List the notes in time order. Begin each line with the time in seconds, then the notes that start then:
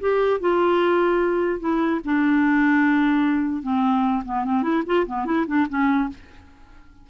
0.00 G4
0.40 F4
1.60 E4
2.04 D4
3.62 C4
4.25 B3
4.44 C4
4.62 E4
4.86 F4
5.06 B3
5.25 E4
5.47 D4
5.69 C#4